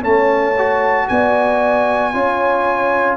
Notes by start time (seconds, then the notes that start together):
0.00 A3 C#4 C#5 A5
0.58 F#4
1.07 B3 D5 G#5
2.13 C#4 F4 C#5